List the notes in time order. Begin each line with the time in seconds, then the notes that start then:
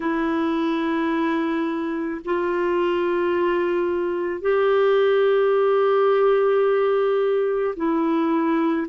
0.00 E4
2.25 F4
4.41 G4
7.76 E4